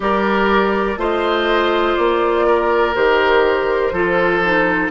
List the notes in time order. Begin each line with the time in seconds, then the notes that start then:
0.00 G3 G4 A#4 D5
0.97 A3 F4 C5 D#5
1.96 A#3 D5
2.46 A#4
2.94 D#3 G4 C5
3.92 F3 F4 A4
4.43 D#4